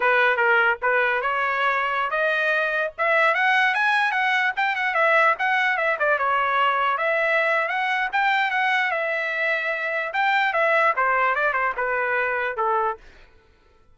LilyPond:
\new Staff \with { instrumentName = "trumpet" } { \time 4/4 \tempo 4 = 148 b'4 ais'4 b'4 cis''4~ | cis''4~ cis''16 dis''2 e''8.~ | e''16 fis''4 gis''4 fis''4 g''8 fis''16~ | fis''16 e''4 fis''4 e''8 d''8 cis''8.~ |
cis''4~ cis''16 e''4.~ e''16 fis''4 | g''4 fis''4 e''2~ | e''4 g''4 e''4 c''4 | d''8 c''8 b'2 a'4 | }